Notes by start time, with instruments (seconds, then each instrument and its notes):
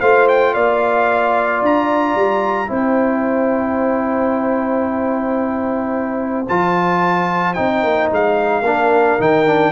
0.00 tuba A3, trombone F4, horn C5, trumpet F5
0.28 trumpet G5
0.53 tuba A#3, horn D5, trumpet F5
1.61 tuba D4, trumpet A#5
2.15 tuba G3
2.67 tuba C4, trombone E4, horn C5, trumpet G5
6.48 tuba F3, trombone F4, trumpet A5
7.54 tuba C4, trombone D#4, trumpet G5
7.83 tuba A#3
8.10 tuba G#3, trumpet F5
8.61 tuba A#3, trombone D4, horn A#4
9.19 tuba D#3, trombone D#4, trumpet G5
9.46 trombone D4